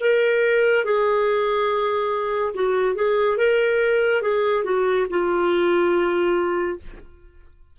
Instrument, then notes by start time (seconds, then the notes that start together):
clarinet
0.00 A#4
0.85 G#4
2.54 F#4
2.95 G#4
3.38 A#4
4.22 G#4
4.64 F#4
5.10 F4